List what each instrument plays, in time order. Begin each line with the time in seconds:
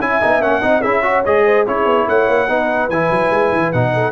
0.00 tuba C#4, trombone E4, horn E5, trumpet G#5
0.21 tuba B3, trombone D#4
0.40 tuba A#3, trombone C#4, trumpet F#5
0.61 tuba C4, trombone D#4, horn D#5
0.81 tuba C#4, trombone E4, horn G#4, trumpet E5
1.02 trombone F#4, horn C#5
1.25 tuba G#3, trombone G#4, trumpet D#5
1.45 horn C5
1.66 tuba C#4, trombone E4, horn G#4, trumpet C#5
1.85 tuba B3
2.07 tuba A3, horn C#5, trumpet F#5
2.27 tuba A#3
2.48 tuba B3, trombone D#4, horn B4
2.89 tuba E3, trombone E4, trumpet G#5
3.10 tuba F#3
3.30 tuba G#3
3.52 tuba E3
3.72 tuba B2, trombone D#4, trumpet F#5
3.93 horn A4